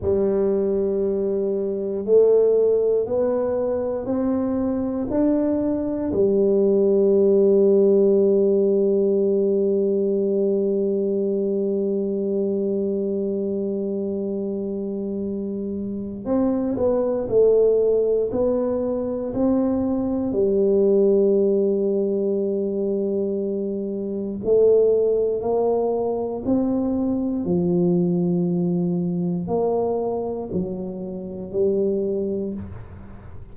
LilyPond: \new Staff \with { instrumentName = "tuba" } { \time 4/4 \tempo 4 = 59 g2 a4 b4 | c'4 d'4 g2~ | g1~ | g1 |
c'8 b8 a4 b4 c'4 | g1 | a4 ais4 c'4 f4~ | f4 ais4 fis4 g4 | }